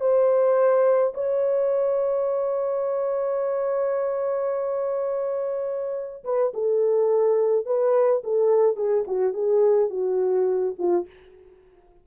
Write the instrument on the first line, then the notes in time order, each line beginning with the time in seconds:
horn
0.00 C5
1.14 C#5
6.24 B4
6.54 A4
7.65 B4
8.23 A4
8.76 G#4
9.07 F#4
9.33 G#4
9.90 F#4
10.78 F4